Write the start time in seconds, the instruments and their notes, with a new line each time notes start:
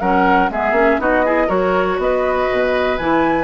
0.00 bassoon F#3, clarinet C#4, oboe A#4, flute F#5
0.49 bassoon G#3, clarinet B3, oboe G#4, flute E5
0.71 bassoon A#3, clarinet C#4
0.99 bassoon B3, clarinet D#4, oboe F#4, flute D#5
1.24 clarinet E4, oboe G#4
1.46 bassoon F#3, clarinet F#4, oboe A#4, flute C#5
1.98 bassoon B3, oboe B4, flute D#5
2.51 bassoon B2
2.97 bassoon E3, clarinet E4, flute G#5